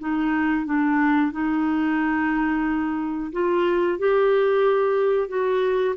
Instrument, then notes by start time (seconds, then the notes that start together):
clarinet
0.00 D#4
0.66 D4
1.32 D#4
3.32 F4
3.99 G4
5.28 F#4